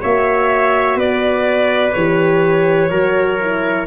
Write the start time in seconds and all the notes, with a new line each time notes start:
0.00 A#3 F#4 C#5 E5
0.96 B3 B4 D5
1.94 E3 G4 C#5
2.91 F#3 F#4 A#4
3.42 E4